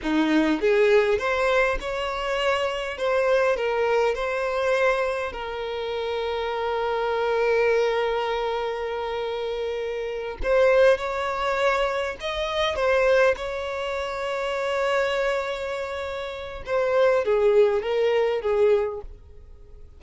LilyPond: \new Staff \with { instrumentName = "violin" } { \time 4/4 \tempo 4 = 101 dis'4 gis'4 c''4 cis''4~ | cis''4 c''4 ais'4 c''4~ | c''4 ais'2.~ | ais'1~ |
ais'4. c''4 cis''4.~ | cis''8 dis''4 c''4 cis''4.~ | cis''1 | c''4 gis'4 ais'4 gis'4 | }